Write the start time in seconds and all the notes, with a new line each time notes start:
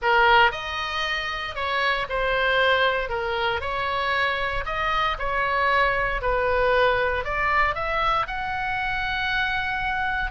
0.02 A#4
0.51 D#5
1.55 C#5
2.09 C5
3.09 A#4
3.60 C#5
4.65 D#5
5.18 C#5
6.21 B4
7.24 D5
7.74 E5
8.27 F#5